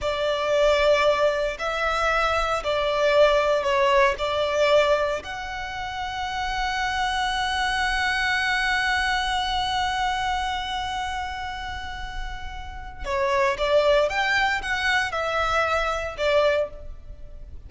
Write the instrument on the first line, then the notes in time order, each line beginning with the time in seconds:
violin
0.01 D5
1.59 E5
2.63 D5
3.63 C#5
4.18 D5
5.23 F#5
13.05 C#5
13.58 D5
14.09 G5
14.62 F#5
15.11 E5
16.17 D5